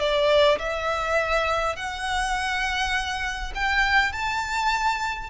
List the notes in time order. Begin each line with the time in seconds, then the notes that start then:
0.00 D5
0.59 E5
1.76 F#5
3.55 G5
4.13 A5